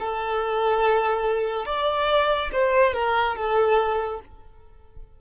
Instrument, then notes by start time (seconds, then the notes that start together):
violin
0.00 A4
1.66 D5
2.53 C5
2.94 A#4
3.36 A4